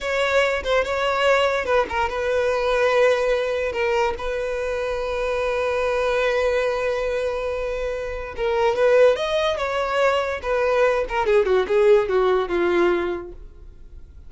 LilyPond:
\new Staff \with { instrumentName = "violin" } { \time 4/4 \tempo 4 = 144 cis''4. c''8 cis''2 | b'8 ais'8 b'2.~ | b'4 ais'4 b'2~ | b'1~ |
b'1 | ais'4 b'4 dis''4 cis''4~ | cis''4 b'4. ais'8 gis'8 fis'8 | gis'4 fis'4 f'2 | }